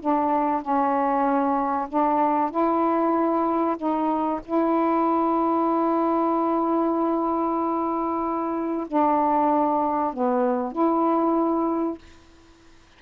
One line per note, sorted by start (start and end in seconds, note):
0.00 0.61 D4
0.61 1.88 C#4
1.89 2.50 D4
2.50 3.77 E4
3.77 4.40 D#4
4.45 8.87 E4
8.87 10.13 D4
10.13 10.72 B3
10.72 11.98 E4